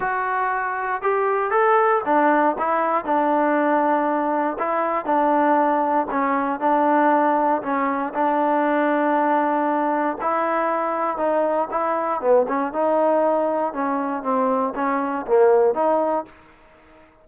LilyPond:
\new Staff \with { instrumentName = "trombone" } { \time 4/4 \tempo 4 = 118 fis'2 g'4 a'4 | d'4 e'4 d'2~ | d'4 e'4 d'2 | cis'4 d'2 cis'4 |
d'1 | e'2 dis'4 e'4 | b8 cis'8 dis'2 cis'4 | c'4 cis'4 ais4 dis'4 | }